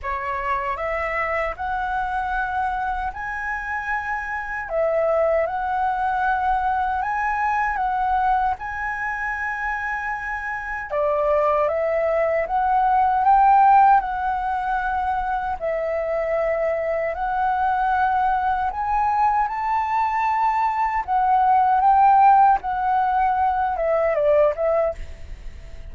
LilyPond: \new Staff \with { instrumentName = "flute" } { \time 4/4 \tempo 4 = 77 cis''4 e''4 fis''2 | gis''2 e''4 fis''4~ | fis''4 gis''4 fis''4 gis''4~ | gis''2 d''4 e''4 |
fis''4 g''4 fis''2 | e''2 fis''2 | gis''4 a''2 fis''4 | g''4 fis''4. e''8 d''8 e''8 | }